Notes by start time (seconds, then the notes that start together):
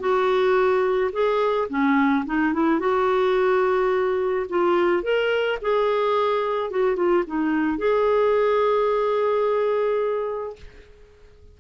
0.00 F#4
1.13 G#4
1.69 C#4
2.26 D#4
2.53 E4
2.80 F#4
4.49 F4
5.03 A#4
5.62 G#4
6.70 F#4
6.96 F4
7.27 D#4
7.78 G#4